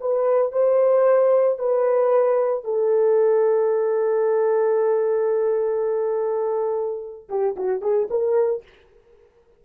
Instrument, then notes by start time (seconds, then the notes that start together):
horn
0.00 B4
0.52 C5
1.58 B4
2.64 A4
7.29 G4
7.56 F#4
7.81 G#4
8.10 A#4